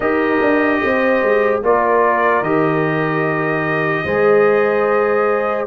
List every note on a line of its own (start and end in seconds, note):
0.00 0.40 D#4
0.00 1.62 G4
0.00 0.81 A#4
0.00 1.59 D#5
0.41 0.81 D4
0.84 1.22 C4
0.84 1.64 C5
1.22 1.62 G#3
1.62 2.41 A#3
1.62 2.44 F4
1.62 4.04 A#4
1.62 2.43 D5
2.41 4.03 D#3
2.41 4.06 G4
2.41 5.66 D#5
4.04 5.66 G#3
4.04 5.66 G#4
4.04 5.66 C5